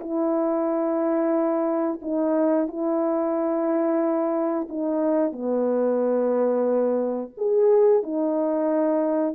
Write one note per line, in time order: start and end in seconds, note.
0.00 2.00 E4
2.02 2.67 D#4
2.67 4.67 E4
4.68 5.32 D#4
5.32 7.32 B3
7.37 8.03 G#4
8.03 9.35 D#4